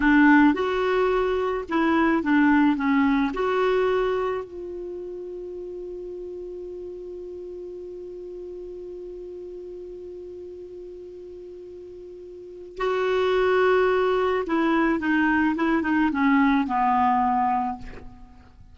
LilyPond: \new Staff \with { instrumentName = "clarinet" } { \time 4/4 \tempo 4 = 108 d'4 fis'2 e'4 | d'4 cis'4 fis'2 | f'1~ | f'1~ |
f'1~ | f'2. fis'4~ | fis'2 e'4 dis'4 | e'8 dis'8 cis'4 b2 | }